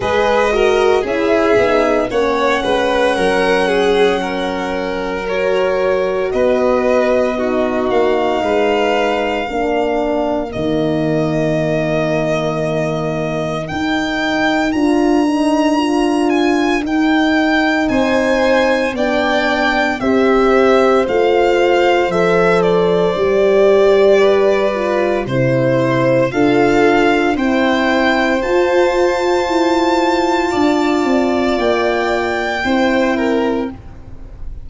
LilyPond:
<<
  \new Staff \with { instrumentName = "violin" } { \time 4/4 \tempo 4 = 57 dis''4 e''4 fis''2~ | fis''4 cis''4 dis''4. f''8~ | f''2 dis''2~ | dis''4 g''4 ais''4. gis''8 |
g''4 gis''4 g''4 e''4 | f''4 e''8 d''2~ d''8 | c''4 f''4 g''4 a''4~ | a''2 g''2 | }
  \new Staff \with { instrumentName = "violin" } { \time 4/4 b'8 ais'8 gis'4 cis''8 b'8 ais'8 gis'8 | ais'2 b'4 fis'4 | b'4 ais'2.~ | ais'1~ |
ais'4 c''4 d''4 c''4~ | c''2. b'4 | c''4 a'4 c''2~ | c''4 d''2 c''8 ais'8 | }
  \new Staff \with { instrumentName = "horn" } { \time 4/4 gis'8 fis'8 e'8 dis'8 cis'2~ | cis'4 fis'2 dis'4~ | dis'4 d'4 ais2~ | ais4 dis'4 f'8 dis'8 f'4 |
dis'2 d'4 g'4 | f'4 a'4 g'4. f'8 | e'4 f'4 e'4 f'4~ | f'2. e'4 | }
  \new Staff \with { instrumentName = "tuba" } { \time 4/4 gis4 cis'8 b8 ais8 gis8 fis4~ | fis2 b4. ais8 | gis4 ais4 dis2~ | dis4 dis'4 d'2 |
dis'4 c'4 b4 c'4 | a4 f4 g2 | c4 d'4 c'4 f'4 | e'4 d'8 c'8 ais4 c'4 | }
>>